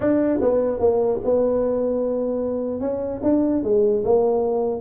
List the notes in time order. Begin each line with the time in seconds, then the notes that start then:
0.00 D4
0.41 B3
0.79 A#3
1.24 B3
2.80 C#4
3.23 D4
3.63 G#3
4.04 A#3